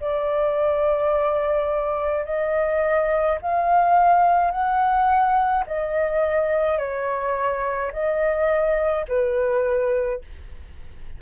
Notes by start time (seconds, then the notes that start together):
0.00 D5
2.25 D#5
3.42 F5
4.51 F#5
5.67 D#5
6.78 C#5
7.92 D#5
9.08 B4